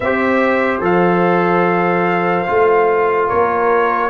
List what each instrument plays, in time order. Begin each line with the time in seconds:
0.00 tuba C4, trombone G4, horn C5, trumpet E5
0.80 tuba F3, trombone A4, trumpet F5
2.46 tuba A3, trombone F4
3.28 tuba A#3, horn A#4, trumpet C#5